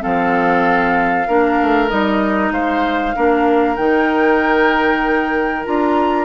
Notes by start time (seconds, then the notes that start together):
0.00 F3 C4 A4 F5
1.27 A#3 D4 A#4
1.61 A3
1.89 G3 D#4 D#5
2.51 G#3 C5 F5
3.15 A#3 D4 A#4
3.76 D#3 D#4 G5
5.64 D4 F4 A#5